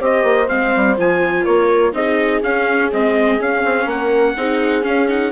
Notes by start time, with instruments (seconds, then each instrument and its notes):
0.00 bassoon C4, viola G4, horn C5, trumpet D#5
0.24 bassoon A#3
0.47 bassoon G#3, viola C4, trumpet F5
0.76 bassoon G3
0.97 bassoon F3, viola F4, trumpet G#5
1.44 bassoon A#3, horn A#4, trumpet C#5
1.93 bassoon C4, viola D#4, horn G#4, trumpet D#5
2.43 bassoon C#4, viola C#4, trumpet F5
2.92 bassoon G#3, viola C4, trumpet D#5
3.39 viola C#4, bassoon C#4, trumpet F5
3.65 bassoon C4
3.86 bassoon A#3, horn A#4, trumpet F#5
4.37 bassoon C4, viola D#4, horn G#4
4.82 viola C#4, bassoon C#4, trumpet F5
5.08 viola D#4, trumpet F#5